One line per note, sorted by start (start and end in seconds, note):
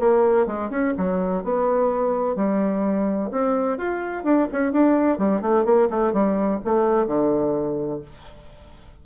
0.00 0.47 A#3
0.47 0.70 G#3
0.71 0.94 C#4
0.98 1.44 F#3
1.44 2.36 B3
2.36 3.31 G3
3.32 3.78 C4
3.78 4.24 F4
4.24 4.48 D4
4.52 4.72 C#4
4.72 5.18 D4
5.18 5.42 G3
5.42 5.65 A3
5.65 5.89 A#3
5.91 6.13 A3
6.13 6.61 G3
6.65 7.07 A3
7.07 8.02 D3